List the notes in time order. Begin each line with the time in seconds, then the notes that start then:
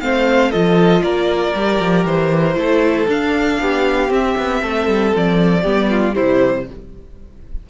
0.00 A3 C4 C5 F5
0.50 F3 F4 A4 D#5
1.02 A#3 A#4 D5
1.54 G3 G4
1.79 F3
2.04 E3 C5
2.54 A3 E4 A4
3.07 D4 F5
3.60 B3 G4
4.08 C4 E5
4.37 B3
4.61 A3 A4
4.87 G3
5.15 F3 D5
5.61 G3 B3 G4
5.90 F4
6.12 G3 E4 C5
6.18 C3